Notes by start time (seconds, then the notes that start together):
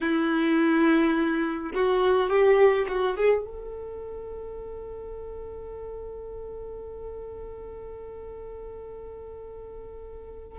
0.00 E4
1.74 F#4
2.29 G4
2.88 F#4
3.16 G#4
3.44 A4